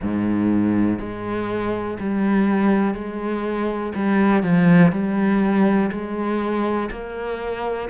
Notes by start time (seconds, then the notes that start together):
0.01 G#2
0.99 G#3
1.99 G3
2.94 G#3
3.95 G3
4.43 F3
4.92 G3
5.91 G#3
6.91 A#3